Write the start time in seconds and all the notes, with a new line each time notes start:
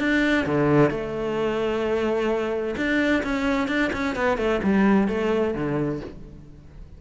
0.00 D4
0.47 D3
0.91 A3
2.77 D4
3.24 C#4
3.69 D4
3.93 C#4
4.16 B3
4.38 A3
4.64 G3
5.09 A3
5.55 D3